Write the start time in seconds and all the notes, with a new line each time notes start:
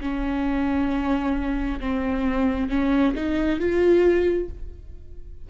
0.00 C#4
1.80 C4
2.69 C#4
3.14 D#4
3.59 F4